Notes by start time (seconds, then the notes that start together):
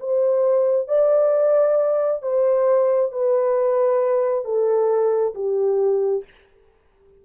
0.00 C5
0.88 D5
2.22 C5
3.12 B4
4.45 A4
5.35 G4